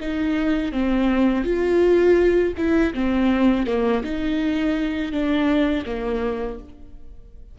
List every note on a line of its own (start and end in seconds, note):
0.00 0.72 D#4
0.72 1.44 C4
1.44 2.54 F4
2.57 2.94 E4
2.94 3.67 C4
3.67 4.03 A#3
4.04 5.12 D#4
5.12 5.85 D4
5.86 6.59 A#3